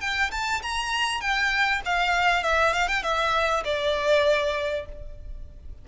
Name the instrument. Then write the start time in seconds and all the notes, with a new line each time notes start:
violin
0.00 G5
0.31 A5
0.62 A#5
1.20 G5
1.85 F5
2.43 E5
2.73 F5
2.88 G5
3.02 E5
3.64 D5